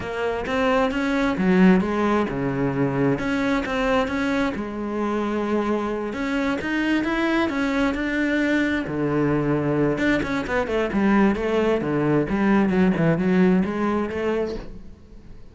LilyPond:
\new Staff \with { instrumentName = "cello" } { \time 4/4 \tempo 4 = 132 ais4 c'4 cis'4 fis4 | gis4 cis2 cis'4 | c'4 cis'4 gis2~ | gis4. cis'4 dis'4 e'8~ |
e'8 cis'4 d'2 d8~ | d2 d'8 cis'8 b8 a8 | g4 a4 d4 g4 | fis8 e8 fis4 gis4 a4 | }